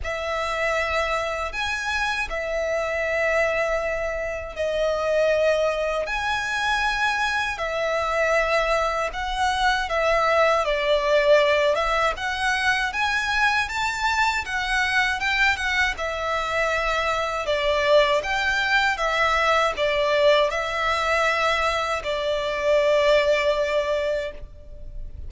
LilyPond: \new Staff \with { instrumentName = "violin" } { \time 4/4 \tempo 4 = 79 e''2 gis''4 e''4~ | e''2 dis''2 | gis''2 e''2 | fis''4 e''4 d''4. e''8 |
fis''4 gis''4 a''4 fis''4 | g''8 fis''8 e''2 d''4 | g''4 e''4 d''4 e''4~ | e''4 d''2. | }